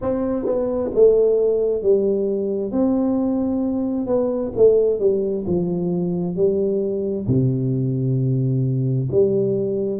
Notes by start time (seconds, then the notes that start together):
0.01 C4
0.45 B3
0.94 A3
1.82 G3
2.71 C4
4.06 B3
4.56 A3
4.99 G3
5.46 F3
6.36 G3
7.27 C3
9.11 G3